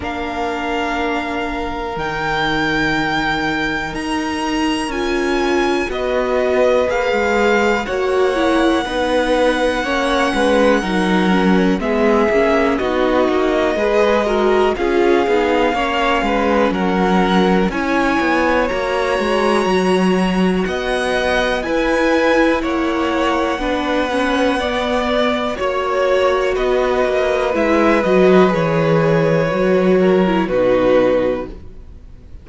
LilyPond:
<<
  \new Staff \with { instrumentName = "violin" } { \time 4/4 \tempo 4 = 61 f''2 g''2 | ais''4 gis''4 dis''4 f''4 | fis''1 | e''4 dis''2 f''4~ |
f''4 fis''4 gis''4 ais''4~ | ais''4 fis''4 gis''4 fis''4~ | fis''2 cis''4 dis''4 | e''8 dis''8 cis''2 b'4 | }
  \new Staff \with { instrumentName = "violin" } { \time 4/4 ais'1~ | ais'2 b'2 | cis''4 b'4 cis''8 b'8 ais'4 | gis'4 fis'4 b'8 ais'8 gis'4 |
cis''8 b'8 ais'4 cis''2~ | cis''4 dis''4 b'4 cis''4 | b'4 d''4 cis''4 b'4~ | b'2~ b'8 ais'8 fis'4 | }
  \new Staff \with { instrumentName = "viola" } { \time 4/4 d'2 dis'2~ | dis'4 f'4 fis'4 gis'4 | fis'8 e'8 dis'4 cis'4 dis'8 cis'8 | b8 cis'8 dis'4 gis'8 fis'8 f'8 dis'8 |
cis'2 e'4 fis'4~ | fis'2 e'2 | d'8 cis'8 b4 fis'2 | e'8 fis'8 gis'4 fis'8. e'16 dis'4 | }
  \new Staff \with { instrumentName = "cello" } { \time 4/4 ais2 dis2 | dis'4 cis'4 b4 ais16 gis8. | ais4 b4 ais8 gis8 fis4 | gis8 ais8 b8 ais8 gis4 cis'8 b8 |
ais8 gis8 fis4 cis'8 b8 ais8 gis8 | fis4 b4 e'4 ais4 | b2 ais4 b8 ais8 | gis8 fis8 e4 fis4 b,4 | }
>>